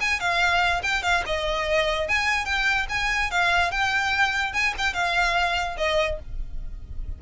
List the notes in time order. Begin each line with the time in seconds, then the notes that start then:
0.00 G#5
0.20 F5
0.83 G5
1.02 F5
1.26 D#5
2.08 G#5
2.45 G5
2.89 G#5
3.30 F5
3.71 G5
4.53 G#5
4.78 G5
4.93 F5
5.77 D#5